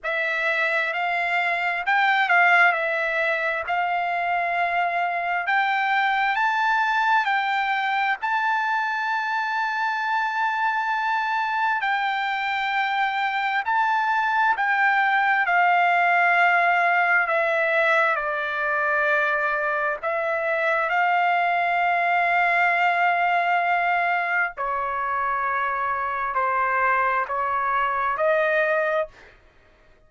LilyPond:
\new Staff \with { instrumentName = "trumpet" } { \time 4/4 \tempo 4 = 66 e''4 f''4 g''8 f''8 e''4 | f''2 g''4 a''4 | g''4 a''2.~ | a''4 g''2 a''4 |
g''4 f''2 e''4 | d''2 e''4 f''4~ | f''2. cis''4~ | cis''4 c''4 cis''4 dis''4 | }